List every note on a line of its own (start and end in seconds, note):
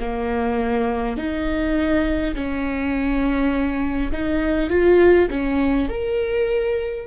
0.00 1.17 A#3
1.17 2.35 D#4
2.35 4.12 C#4
4.12 4.70 D#4
4.70 5.29 F4
5.30 5.89 C#4
5.89 7.06 A#4